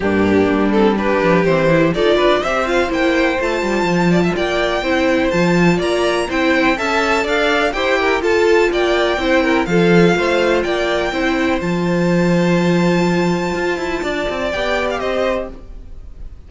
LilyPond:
<<
  \new Staff \with { instrumentName = "violin" } { \time 4/4 \tempo 4 = 124 g'4. a'8 b'4 c''4 | d''4 e''8 f''8 g''4 a''4~ | a''4 g''2 a''4 | ais''4 g''4 a''4 f''4 |
g''4 a''4 g''2 | f''2 g''2 | a''1~ | a''2 g''8. f''16 dis''4 | }
  \new Staff \with { instrumentName = "violin" } { \time 4/4 d'2 g'2 | a'8 b'8 c''2.~ | c''8 d''16 e''16 d''4 c''2 | d''4 c''4 e''4 d''4 |
c''8 ais'8 a'4 d''4 c''8 ais'8 | a'4 c''4 d''4 c''4~ | c''1~ | c''4 d''2 c''4 | }
  \new Staff \with { instrumentName = "viola" } { \time 4/4 ais4. c'8 d'4 c'8 e'8 | f'4 g'8 f'8 e'4 f'4~ | f'2 e'4 f'4~ | f'4 e'4 a'2 |
g'4 f'2 e'4 | f'2. e'4 | f'1~ | f'2 g'2 | }
  \new Staff \with { instrumentName = "cello" } { \time 4/4 g,4 g4. f8 e4 | dis'8 d'8 c'4 ais4 a8 g8 | f4 ais4 c'4 f4 | ais4 c'4 cis'4 d'4 |
e'4 f'4 ais4 c'4 | f4 a4 ais4 c'4 | f1 | f'8 e'8 d'8 c'8 b4 c'4 | }
>>